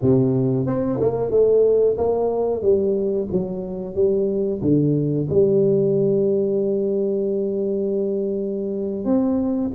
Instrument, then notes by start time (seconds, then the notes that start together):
tuba
0.01 C3
0.66 C4
1.00 A#3
1.30 A3
1.98 A#3
2.62 G3
3.31 F#3
3.94 G3
4.61 D3
5.29 G3
9.04 C4